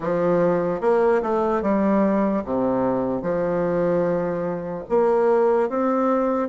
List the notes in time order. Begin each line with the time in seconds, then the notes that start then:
0.00 F3
0.81 A#3
1.22 A3
1.62 G3
2.44 C3
3.22 F3
4.89 A#3
5.69 C4